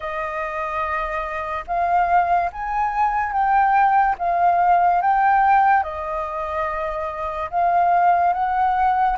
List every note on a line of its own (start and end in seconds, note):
0.00 1.64 D#5
1.67 2.50 F5
2.52 3.32 G#5
3.32 4.15 G5
4.18 5.01 F5
5.02 5.83 G5
5.83 7.50 D#5
7.50 8.33 F5
8.33 9.16 F#5